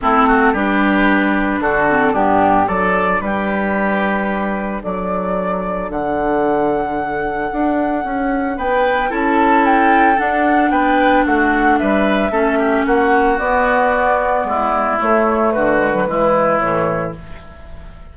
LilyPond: <<
  \new Staff \with { instrumentName = "flute" } { \time 4/4 \tempo 4 = 112 a'4 b'2 a'4 | g'4 d''4 b'2~ | b'4 d''2 fis''4~ | fis''1 |
g''4 a''4 g''4 fis''4 | g''4 fis''4 e''2 | fis''4 d''2. | cis''4 b'2 cis''4 | }
  \new Staff \with { instrumentName = "oboe" } { \time 4/4 e'8 fis'8 g'2 fis'4 | d'4 a'4 g'2~ | g'4 a'2.~ | a'1 |
b'4 a'2. | b'4 fis'4 b'4 a'8 g'8 | fis'2. e'4~ | e'4 fis'4 e'2 | }
  \new Staff \with { instrumentName = "clarinet" } { \time 4/4 c'4 d'2~ d'8 c'8 | b4 d'2.~ | d'1~ | d'1~ |
d'4 e'2 d'4~ | d'2. cis'4~ | cis'4 b2. | a4. gis16 fis16 gis4 e4 | }
  \new Staff \with { instrumentName = "bassoon" } { \time 4/4 a4 g2 d4 | g,4 fis4 g2~ | g4 fis2 d4~ | d2 d'4 cis'4 |
b4 cis'2 d'4 | b4 a4 g4 a4 | ais4 b2 gis4 | a4 d4 e4 a,4 | }
>>